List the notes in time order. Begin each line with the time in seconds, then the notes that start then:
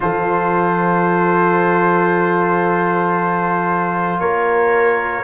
0.00 F3 F4 A4 C5
4.20 A#3 A#4 C#5